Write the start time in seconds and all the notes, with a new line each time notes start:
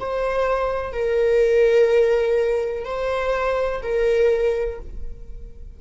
0.00 C5
0.92 A#4
2.85 C5
3.83 A#4